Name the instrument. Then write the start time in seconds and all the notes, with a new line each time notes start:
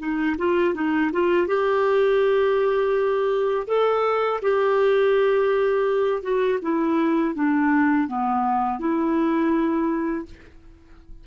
clarinet
0.00 D#4
0.39 F4
0.75 D#4
1.13 F4
1.48 G4
3.68 A4
4.42 G4
6.23 F#4
6.63 E4
7.35 D4
8.08 B3
8.80 E4